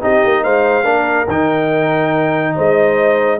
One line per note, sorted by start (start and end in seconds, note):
0.00 0.24 C4
0.00 0.83 D#4
0.00 0.43 G4
0.00 0.43 D#5
0.24 0.45 A#3
0.43 0.84 G#3
0.43 0.84 C5
0.43 1.28 F5
0.83 1.26 A#3
0.83 1.26 D4
0.83 2.53 A#4
1.27 2.54 D#3
1.27 3.39 D#4
1.27 2.56 G5
2.55 3.39 G#3
2.55 3.39 C5
2.55 3.39 D#5